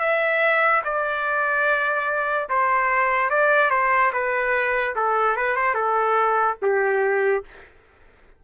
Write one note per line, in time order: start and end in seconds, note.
0.00 0.82 E5
0.85 2.49 D5
2.50 3.30 C5
3.30 3.71 D5
3.71 4.12 C5
4.13 4.95 B4
4.96 5.37 A4
5.37 5.56 B4
5.56 5.75 C5
5.75 6.57 A4
6.62 7.45 G4